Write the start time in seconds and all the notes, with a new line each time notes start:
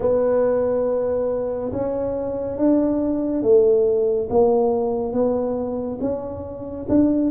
0.00 B3
1.72 C#4
2.57 D4
3.42 A3
4.29 A#3
5.12 B3
6.00 C#4
6.88 D4